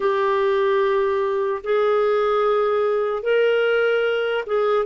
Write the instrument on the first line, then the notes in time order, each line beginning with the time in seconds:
clarinet
0.00 G4
1.63 G#4
3.22 A#4
4.46 G#4